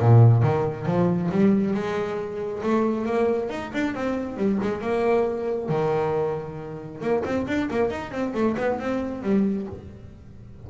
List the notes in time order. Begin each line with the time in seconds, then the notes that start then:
0.00 A#2
0.43 D#3
0.86 F3
1.31 G3
1.74 G#3
2.63 A3
3.06 A#3
3.50 D#4
3.74 D4
3.95 C4
4.37 G3
4.62 G#3
4.81 A#3
5.69 D#3
7.01 A#3
7.25 C4
7.47 D4
7.71 A#3
7.91 D#4
8.12 C4
8.34 A3
8.57 B3
8.79 C4
9.23 G3